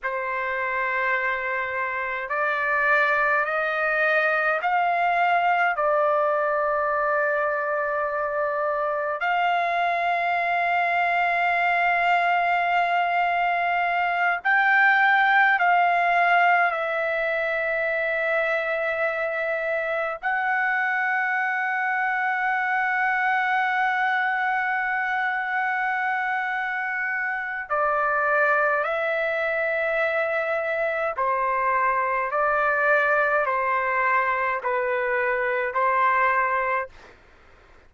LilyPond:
\new Staff \with { instrumentName = "trumpet" } { \time 4/4 \tempo 4 = 52 c''2 d''4 dis''4 | f''4 d''2. | f''1~ | f''8 g''4 f''4 e''4.~ |
e''4. fis''2~ fis''8~ | fis''1 | d''4 e''2 c''4 | d''4 c''4 b'4 c''4 | }